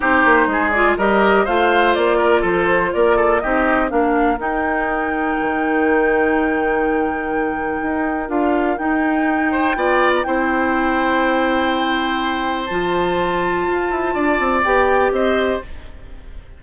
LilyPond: <<
  \new Staff \with { instrumentName = "flute" } { \time 4/4 \tempo 4 = 123 c''4. d''8 dis''4 f''4 | d''4 c''4 d''4 dis''4 | f''4 g''2.~ | g''1~ |
g''4 f''4 g''2~ | g''8. ais''16 g''2.~ | g''2 a''2~ | a''2 g''4 dis''4 | }
  \new Staff \with { instrumentName = "oboe" } { \time 4/4 g'4 gis'4 ais'4 c''4~ | c''8 ais'8 a'4 ais'8 a'8 g'4 | ais'1~ | ais'1~ |
ais'2.~ ais'8 c''8 | d''4 c''2.~ | c''1~ | c''4 d''2 c''4 | }
  \new Staff \with { instrumentName = "clarinet" } { \time 4/4 dis'4. f'8 g'4 f'4~ | f'2. dis'4 | d'4 dis'2.~ | dis'1~ |
dis'4 f'4 dis'2 | f'4 e'2.~ | e'2 f'2~ | f'2 g'2 | }
  \new Staff \with { instrumentName = "bassoon" } { \time 4/4 c'8 ais8 gis4 g4 a4 | ais4 f4 ais4 c'4 | ais4 dis'2 dis4~ | dis1 |
dis'4 d'4 dis'2 | b4 c'2.~ | c'2 f2 | f'8 e'8 d'8 c'8 b4 c'4 | }
>>